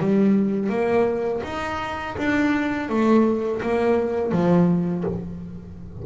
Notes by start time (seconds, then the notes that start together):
0.00 G3
0.69 A#3
1.44 D#4
2.18 D4
2.89 A3
3.62 A#3
4.32 F3